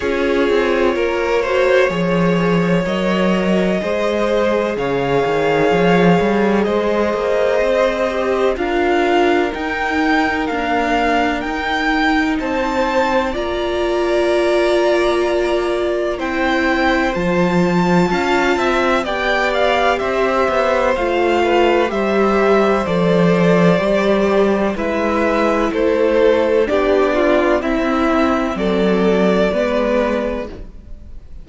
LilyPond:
<<
  \new Staff \with { instrumentName = "violin" } { \time 4/4 \tempo 4 = 63 cis''2. dis''4~ | dis''4 f''2 dis''4~ | dis''4 f''4 g''4 f''4 | g''4 a''4 ais''2~ |
ais''4 g''4 a''2 | g''8 f''8 e''4 f''4 e''4 | d''2 e''4 c''4 | d''4 e''4 d''2 | }
  \new Staff \with { instrumentName = "violin" } { \time 4/4 gis'4 ais'8 c''8 cis''2 | c''4 cis''2 c''4~ | c''4 ais'2.~ | ais'4 c''4 d''2~ |
d''4 c''2 f''8 e''8 | d''4 c''4. b'8 c''4~ | c''2 b'4 a'4 | g'8 f'8 e'4 a'4 b'4 | }
  \new Staff \with { instrumentName = "viola" } { \time 4/4 f'4. fis'8 gis'4 ais'4 | gis'1~ | gis'8 g'8 f'4 dis'4 ais4 | dis'2 f'2~ |
f'4 e'4 f'2 | g'2 f'4 g'4 | a'4 g'4 e'2 | d'4 c'2 b4 | }
  \new Staff \with { instrumentName = "cello" } { \time 4/4 cis'8 c'8 ais4 f4 fis4 | gis4 cis8 dis8 f8 g8 gis8 ais8 | c'4 d'4 dis'4 d'4 | dis'4 c'4 ais2~ |
ais4 c'4 f4 cis'8 c'8 | b4 c'8 b8 a4 g4 | f4 g4 gis4 a4 | b4 c'4 fis4 gis4 | }
>>